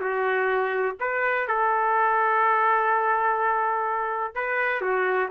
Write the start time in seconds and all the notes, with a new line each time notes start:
0.00 F#4
1.00 B4
1.47 A4
4.35 B4
4.81 F#4